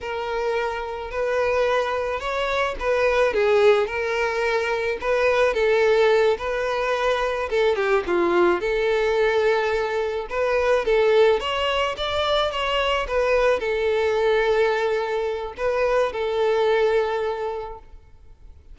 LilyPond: \new Staff \with { instrumentName = "violin" } { \time 4/4 \tempo 4 = 108 ais'2 b'2 | cis''4 b'4 gis'4 ais'4~ | ais'4 b'4 a'4. b'8~ | b'4. a'8 g'8 f'4 a'8~ |
a'2~ a'8 b'4 a'8~ | a'8 cis''4 d''4 cis''4 b'8~ | b'8 a'2.~ a'8 | b'4 a'2. | }